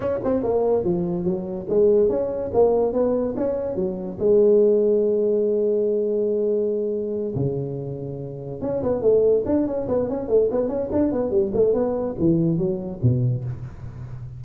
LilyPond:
\new Staff \with { instrumentName = "tuba" } { \time 4/4 \tempo 4 = 143 cis'8 c'8 ais4 f4 fis4 | gis4 cis'4 ais4 b4 | cis'4 fis4 gis2~ | gis1~ |
gis4. cis2~ cis8~ | cis8 cis'8 b8 a4 d'8 cis'8 b8 | cis'8 a8 b8 cis'8 d'8 b8 g8 a8 | b4 e4 fis4 b,4 | }